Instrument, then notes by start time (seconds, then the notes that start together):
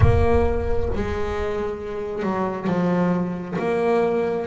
double bass
0.00 A#3
0.94 G#3
2.23 F#3
2.67 F3
3.58 A#3